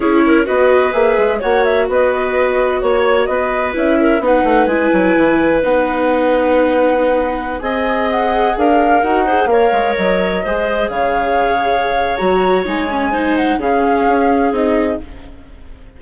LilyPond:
<<
  \new Staff \with { instrumentName = "flute" } { \time 4/4 \tempo 4 = 128 cis''4 dis''4 e''4 fis''8 e''8 | dis''2 cis''4 dis''4 | e''4 fis''4 gis''2 | fis''1~ |
fis''16 gis''4 fis''4 f''4 fis''8.~ | fis''16 f''4 dis''2 f''8.~ | f''2 ais''4 gis''4~ | gis''8 fis''8 f''2 dis''4 | }
  \new Staff \with { instrumentName = "clarinet" } { \time 4/4 gis'8 ais'8 b'2 cis''4 | b'2 cis''4 b'4~ | b'8 ais'8 b'2.~ | b'1~ |
b'16 dis''2 ais'4. c''16~ | c''16 cis''2 c''4 cis''8.~ | cis''1 | c''4 gis'2. | }
  \new Staff \with { instrumentName = "viola" } { \time 4/4 e'4 fis'4 gis'4 fis'4~ | fis'1 | e'4 dis'4 e'2 | dis'1~ |
dis'16 gis'2. fis'8 gis'16~ | gis'16 ais'2 gis'4.~ gis'16~ | gis'2 fis'4 dis'8 cis'8 | dis'4 cis'2 dis'4 | }
  \new Staff \with { instrumentName = "bassoon" } { \time 4/4 cis'4 b4 ais8 gis8 ais4 | b2 ais4 b4 | cis'4 b8 a8 gis8 fis8 e4 | b1~ |
b16 c'2 d'4 dis'8.~ | dis'16 ais8 gis8 fis4 gis4 cis8.~ | cis2 fis4 gis4~ | gis4 cis4 cis'4 c'4 | }
>>